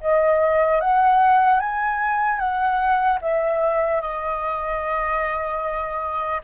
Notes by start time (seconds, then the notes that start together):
0.00 D#5
0.80 F#5
1.59 G#5
2.39 F#5
3.21 E5
4.01 D#5